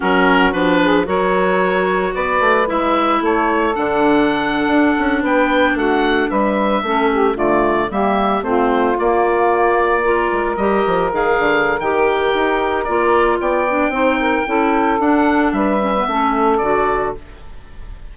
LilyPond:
<<
  \new Staff \with { instrumentName = "oboe" } { \time 4/4 \tempo 4 = 112 ais'4 b'4 cis''2 | d''4 e''4 cis''4 fis''4~ | fis''4.~ fis''16 g''4 fis''4 e''16~ | e''4.~ e''16 d''4 e''4 c''16~ |
c''8. d''2. dis''16~ | dis''8. f''4~ f''16 g''2 | d''4 g''2. | fis''4 e''2 d''4 | }
  \new Staff \with { instrumentName = "saxophone" } { \time 4/4 fis'4. gis'8 ais'2 | b'2 a'2~ | a'4.~ a'16 b'4 fis'4 b'16~ | b'8. a'8 g'8 f'4 g'4 f'16~ |
f'2~ f'8. ais'4~ ais'16~ | ais'1~ | ais'4 d''4 c''8 ais'8 a'4~ | a'4 b'4 a'2 | }
  \new Staff \with { instrumentName = "clarinet" } { \time 4/4 cis'4 d'4 fis'2~ | fis'4 e'2 d'4~ | d'1~ | d'8. cis'4 a4 ais4 c'16~ |
c'8. ais2 f'4 g'16~ | g'8. gis'4~ gis'16 g'2 | f'4. d'8 dis'4 e'4 | d'4. cis'16 b16 cis'4 fis'4 | }
  \new Staff \with { instrumentName = "bassoon" } { \time 4/4 fis4 f4 fis2 | b8 a8 gis4 a4 d4~ | d8. d'8 cis'8 b4 a4 g16~ | g8. a4 d4 g4 a16~ |
a8. ais2~ ais8 gis8 g16~ | g16 f8 dis8 d8. dis4 dis'4 | ais4 b4 c'4 cis'4 | d'4 g4 a4 d4 | }
>>